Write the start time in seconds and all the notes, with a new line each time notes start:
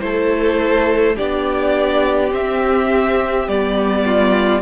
0.00 A3 E4 A4 C5
1.16 B3 D4 G4 D5
2.30 C4 E5
3.47 G3 B3 D5
4.05 F4